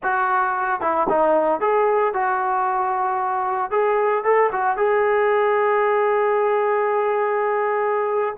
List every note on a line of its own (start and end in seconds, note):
0.03 0.80 F#4
0.80 1.07 E4
1.09 1.60 D#4
1.60 2.13 G#4
2.13 3.70 F#4
3.70 4.23 G#4
4.23 4.50 A4
4.51 4.76 F#4
4.76 8.35 G#4